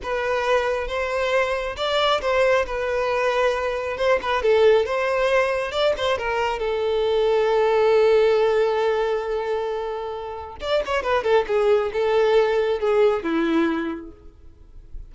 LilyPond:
\new Staff \with { instrumentName = "violin" } { \time 4/4 \tempo 4 = 136 b'2 c''2 | d''4 c''4 b'2~ | b'4 c''8 b'8 a'4 c''4~ | c''4 d''8 c''8 ais'4 a'4~ |
a'1~ | a'1 | d''8 cis''8 b'8 a'8 gis'4 a'4~ | a'4 gis'4 e'2 | }